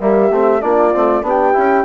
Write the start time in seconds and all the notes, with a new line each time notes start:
0.00 G3 A#3 G4 E5
0.30 A3 C4
0.60 A#3 D4 F4 D5
0.92 A3 C4
1.22 B3 D4 G4
1.29 G5
1.53 C#4 E4